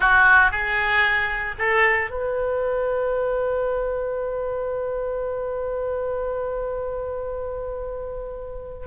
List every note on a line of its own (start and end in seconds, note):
0.00 0.51 F#4
0.51 1.55 G#4
1.58 2.10 A4
2.10 8.86 B4